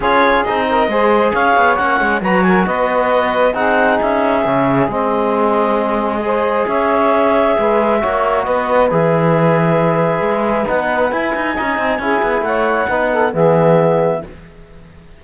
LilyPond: <<
  \new Staff \with { instrumentName = "clarinet" } { \time 4/4 \tempo 4 = 135 cis''4 dis''2 f''4 | fis''4 ais''8 gis''8 dis''2 | fis''4 e''2 dis''4~ | dis''2. e''4~ |
e''2. dis''4 | e''1 | fis''4 gis''2. | fis''2 e''2 | }
  \new Staff \with { instrumentName = "saxophone" } { \time 4/4 gis'4. ais'8 c''4 cis''4~ | cis''4 b'8 ais'8 b'2 | gis'1~ | gis'2 c''4 cis''4~ |
cis''4 b'4 cis''4 b'4~ | b'1~ | b'2 dis''4 gis'4 | cis''4 b'8 a'8 gis'2 | }
  \new Staff \with { instrumentName = "trombone" } { \time 4/4 f'4 dis'4 gis'2 | cis'4 fis'2. | dis'2 cis'4 c'4~ | c'2 gis'2~ |
gis'2 fis'2 | gis'1 | dis'4 e'4 dis'4 e'4~ | e'4 dis'4 b2 | }
  \new Staff \with { instrumentName = "cello" } { \time 4/4 cis'4 c'4 gis4 cis'8 b8 | ais8 gis8 fis4 b2 | c'4 cis'4 cis4 gis4~ | gis2. cis'4~ |
cis'4 gis4 ais4 b4 | e2. gis4 | b4 e'8 dis'8 cis'8 c'8 cis'8 b8 | a4 b4 e2 | }
>>